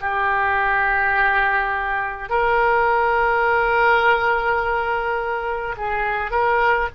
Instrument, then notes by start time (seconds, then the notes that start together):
oboe
0.00 G4
2.29 A#4
5.77 G#4
6.31 A#4